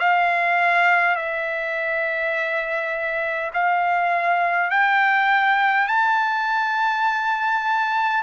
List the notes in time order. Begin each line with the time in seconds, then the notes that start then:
0.00 F5
1.16 E5
3.53 F5
4.71 G5
5.88 A5